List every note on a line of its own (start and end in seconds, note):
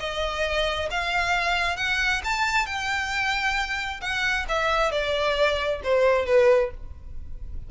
0.00 0.90 D#5
0.91 1.77 F5
1.77 2.22 F#5
2.25 2.67 A5
2.67 4.01 G5
4.02 4.46 F#5
4.49 4.92 E5
4.92 5.81 D5
5.84 6.26 C5
6.26 6.71 B4